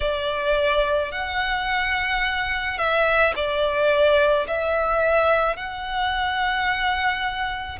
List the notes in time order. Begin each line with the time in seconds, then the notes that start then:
0.00 D5
1.11 F#5
2.78 E5
3.35 D5
4.47 E5
5.56 F#5